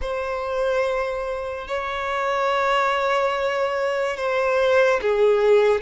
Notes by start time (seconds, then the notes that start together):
0.01 C5
1.67 C#5
4.16 C5
5.02 G#4